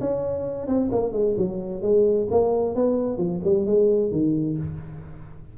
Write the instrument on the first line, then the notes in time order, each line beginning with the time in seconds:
tuba
0.00 C#4
0.67 C4
0.91 A#3
1.12 G#3
1.37 F#3
1.82 G#3
2.31 A#3
2.75 B3
3.17 F3
3.44 G3
3.66 G#3
4.11 D#3